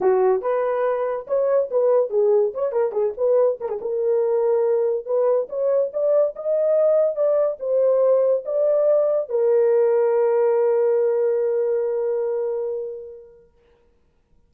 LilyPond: \new Staff \with { instrumentName = "horn" } { \time 4/4 \tempo 4 = 142 fis'4 b'2 cis''4 | b'4 gis'4 cis''8 ais'8 gis'8 b'8~ | b'8 ais'16 gis'16 ais'2. | b'4 cis''4 d''4 dis''4~ |
dis''4 d''4 c''2 | d''2 ais'2~ | ais'1~ | ais'1 | }